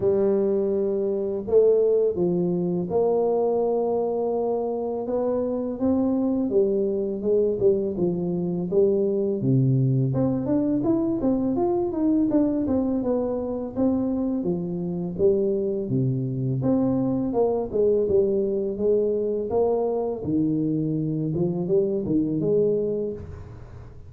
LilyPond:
\new Staff \with { instrumentName = "tuba" } { \time 4/4 \tempo 4 = 83 g2 a4 f4 | ais2. b4 | c'4 g4 gis8 g8 f4 | g4 c4 c'8 d'8 e'8 c'8 |
f'8 dis'8 d'8 c'8 b4 c'4 | f4 g4 c4 c'4 | ais8 gis8 g4 gis4 ais4 | dis4. f8 g8 dis8 gis4 | }